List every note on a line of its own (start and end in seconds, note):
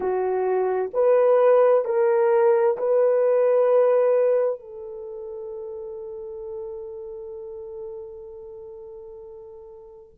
0.00 0.90 F#4
0.93 1.85 B4
1.85 2.77 A#4
2.77 4.59 B4
4.59 10.12 A4